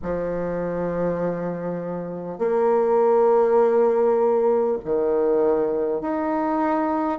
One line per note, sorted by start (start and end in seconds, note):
0.02 2.38 F3
2.38 4.78 A#3
4.84 6.01 D#3
6.01 7.18 D#4